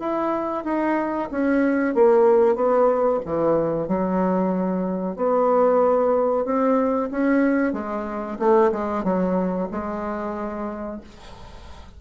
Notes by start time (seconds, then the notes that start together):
0.00 E4
0.65 D#4
1.31 C#4
1.95 A#3
2.56 B3
3.26 E3
3.88 F#3
5.16 B3
6.45 C4
7.11 C#4
7.74 G#3
8.39 A3
8.72 G#3
9.04 F#3
9.72 G#3